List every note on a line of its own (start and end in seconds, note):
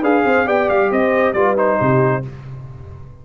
0.00 0.24 D4
0.00 0.46 G#4
0.00 0.22 B4
0.00 0.48 F5
0.25 0.47 C4
0.25 0.46 C5
0.46 0.69 B3
0.46 1.34 G4
0.46 0.90 D5
0.46 0.69 G5
0.69 0.91 G3
0.69 0.91 F5
0.91 1.34 C4
0.91 1.36 C5
0.91 1.33 D#5
1.33 1.78 G3
1.33 1.56 F4
1.33 1.80 B4
1.33 1.55 D5
1.56 2.23 D#4
1.56 2.25 C5
1.80 2.26 C3
1.80 2.24 G4